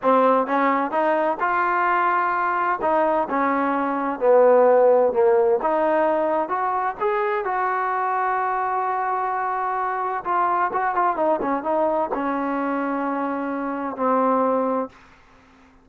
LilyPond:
\new Staff \with { instrumentName = "trombone" } { \time 4/4 \tempo 4 = 129 c'4 cis'4 dis'4 f'4~ | f'2 dis'4 cis'4~ | cis'4 b2 ais4 | dis'2 fis'4 gis'4 |
fis'1~ | fis'2 f'4 fis'8 f'8 | dis'8 cis'8 dis'4 cis'2~ | cis'2 c'2 | }